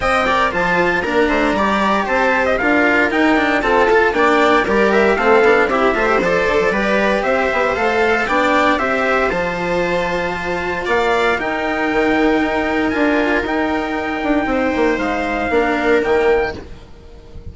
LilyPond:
<<
  \new Staff \with { instrumentName = "trumpet" } { \time 4/4 \tempo 4 = 116 g''4 a''4 ais''2 | a''8. dis''16 f''4 g''4 a''4 | g''4 d''8 e''8 f''4 e''4 | d''2 e''4 f''4 |
g''4 e''4 a''2~ | a''4 f''4 g''2~ | g''4 gis''4 g''2~ | g''4 f''2 g''4 | }
  \new Staff \with { instrumentName = "viola" } { \time 4/4 dis''8 d''8 c''4 ais'8 c''8 d''4 | c''4 ais'2 a'4 | d''4 ais'4 a'4 g'8 c''8~ | c''4 b'4 c''2 |
d''4 c''2.~ | c''4 d''4 ais'2~ | ais'1 | c''2 ais'2 | }
  \new Staff \with { instrumentName = "cello" } { \time 4/4 c''8 ais'8 f'4 d'4 g'4~ | g'4 f'4 dis'8 d'8 c'8 f'8 | d'4 g'4 c'8 d'8 e'8 f'16 g'16 | a'4 g'2 a'4 |
d'4 g'4 f'2~ | f'2 dis'2~ | dis'4 f'4 dis'2~ | dis'2 d'4 ais4 | }
  \new Staff \with { instrumentName = "bassoon" } { \time 4/4 c'4 f4 ais8 a8 g4 | c'4 d'4 dis'4 f'4 | ais4 g4 a8 b8 c'8 a8 | f8 d16 f16 g4 c'8 b8 a4 |
b4 c'4 f2~ | f4 ais4 dis'4 dis4 | dis'4 d'4 dis'4. d'8 | c'8 ais8 gis4 ais4 dis4 | }
>>